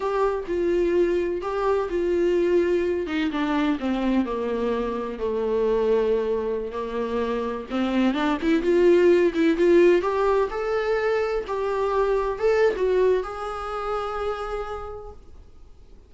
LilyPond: \new Staff \with { instrumentName = "viola" } { \time 4/4 \tempo 4 = 127 g'4 f'2 g'4 | f'2~ f'8 dis'8 d'4 | c'4 ais2 a4~ | a2~ a16 ais4.~ ais16~ |
ais16 c'4 d'8 e'8 f'4. e'16~ | e'16 f'4 g'4 a'4.~ a'16~ | a'16 g'2 a'8. fis'4 | gis'1 | }